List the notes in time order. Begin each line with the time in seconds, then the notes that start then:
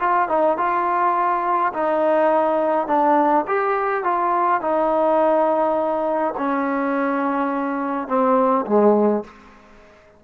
0.00 F4
0.29 D#4
0.58 F4
1.74 D#4
2.88 D4
3.48 G4
4.04 F4
4.61 D#4
6.38 C#4
8.08 C4
8.66 G#3